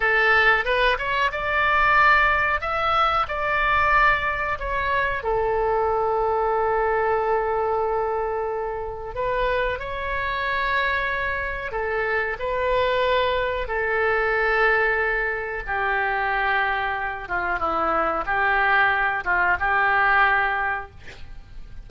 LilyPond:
\new Staff \with { instrumentName = "oboe" } { \time 4/4 \tempo 4 = 92 a'4 b'8 cis''8 d''2 | e''4 d''2 cis''4 | a'1~ | a'2 b'4 cis''4~ |
cis''2 a'4 b'4~ | b'4 a'2. | g'2~ g'8 f'8 e'4 | g'4. f'8 g'2 | }